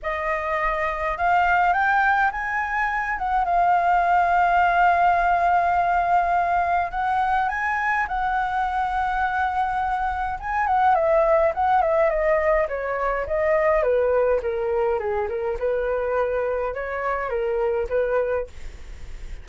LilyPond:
\new Staff \with { instrumentName = "flute" } { \time 4/4 \tempo 4 = 104 dis''2 f''4 g''4 | gis''4. fis''8 f''2~ | f''1 | fis''4 gis''4 fis''2~ |
fis''2 gis''8 fis''8 e''4 | fis''8 e''8 dis''4 cis''4 dis''4 | b'4 ais'4 gis'8 ais'8 b'4~ | b'4 cis''4 ais'4 b'4 | }